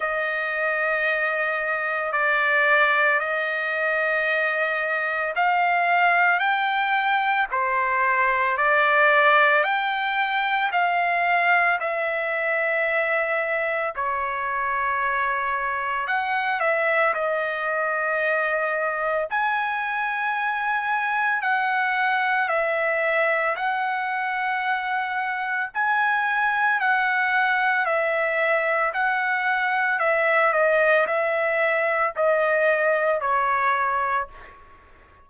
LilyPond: \new Staff \with { instrumentName = "trumpet" } { \time 4/4 \tempo 4 = 56 dis''2 d''4 dis''4~ | dis''4 f''4 g''4 c''4 | d''4 g''4 f''4 e''4~ | e''4 cis''2 fis''8 e''8 |
dis''2 gis''2 | fis''4 e''4 fis''2 | gis''4 fis''4 e''4 fis''4 | e''8 dis''8 e''4 dis''4 cis''4 | }